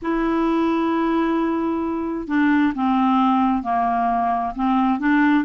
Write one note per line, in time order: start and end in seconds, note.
0.01 2.27 E4
2.27 2.73 D4
2.74 3.62 C4
3.62 4.53 A#3
4.55 4.99 C4
4.99 5.44 D4